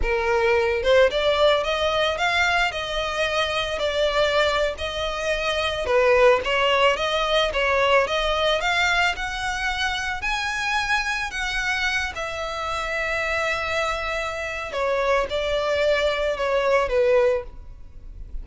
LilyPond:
\new Staff \with { instrumentName = "violin" } { \time 4/4 \tempo 4 = 110 ais'4. c''8 d''4 dis''4 | f''4 dis''2 d''4~ | d''8. dis''2 b'4 cis''16~ | cis''8. dis''4 cis''4 dis''4 f''16~ |
f''8. fis''2 gis''4~ gis''16~ | gis''8. fis''4. e''4.~ e''16~ | e''2. cis''4 | d''2 cis''4 b'4 | }